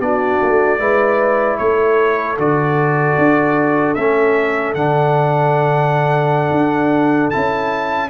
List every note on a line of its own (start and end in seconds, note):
0.00 0.39 B3
0.00 0.80 D4
0.00 0.80 F#4
0.00 1.58 D5
0.43 0.80 A3
0.80 1.59 G#3
0.80 2.38 E4
0.80 1.59 B4
1.58 2.38 A3
1.58 8.10 A4
1.58 2.37 C#5
2.38 3.17 D3
2.38 3.97 F#4
2.38 3.95 D5
3.18 3.96 D4
3.95 4.75 A3
3.95 4.77 C#4
3.95 4.74 E5
4.75 6.51 D3
4.75 7.33 D4
4.75 7.31 F#5
6.51 7.30 D4
7.31 8.10 C#4
7.31 8.10 E4
7.31 8.10 A5